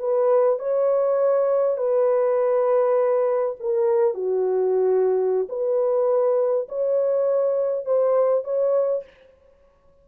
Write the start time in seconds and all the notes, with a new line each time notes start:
0.00 B4
0.59 C#5
1.78 B4
3.60 A#4
4.14 F#4
5.49 B4
6.69 C#5
7.86 C5
8.45 C#5